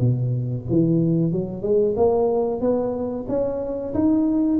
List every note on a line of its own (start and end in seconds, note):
0.00 0.65 B2
0.70 1.32 E3
1.32 1.62 F#3
1.62 1.95 G#3
1.97 2.61 A#3
2.61 3.26 B3
3.28 3.94 C#4
3.94 4.59 D#4